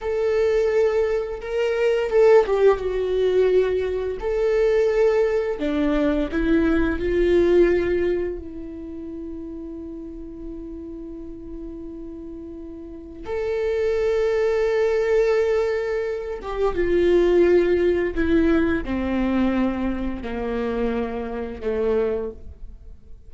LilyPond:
\new Staff \with { instrumentName = "viola" } { \time 4/4 \tempo 4 = 86 a'2 ais'4 a'8 g'8 | fis'2 a'2 | d'4 e'4 f'2 | e'1~ |
e'2. a'4~ | a'2.~ a'8 g'8 | f'2 e'4 c'4~ | c'4 ais2 a4 | }